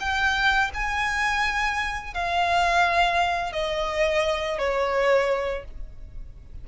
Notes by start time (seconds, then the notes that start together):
0.00 G5
0.74 G#5
2.14 F5
3.52 D#5
4.58 C#5